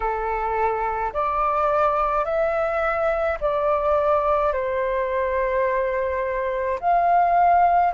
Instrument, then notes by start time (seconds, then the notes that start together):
flute
0.00 A4
1.13 D5
2.24 E5
3.40 D5
4.52 C5
6.80 F5